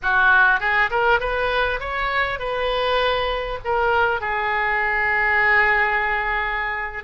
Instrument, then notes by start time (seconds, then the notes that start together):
oboe
0.02 F#4
0.59 G#4
0.90 A#4
1.20 B4
1.80 C#5
2.39 B4
3.64 A#4
4.21 G#4